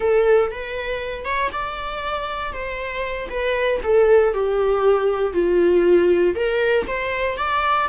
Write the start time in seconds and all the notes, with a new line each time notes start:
0.00 A4
0.51 B4
1.24 C#5
1.52 D5
2.52 C5
3.29 B4
3.83 A4
4.33 G4
5.33 F4
6.35 A#4
6.87 C5
7.37 D5